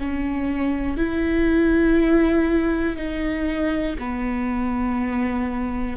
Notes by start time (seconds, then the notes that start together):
0.00 C#4
0.97 E4
2.97 D#4
3.99 B3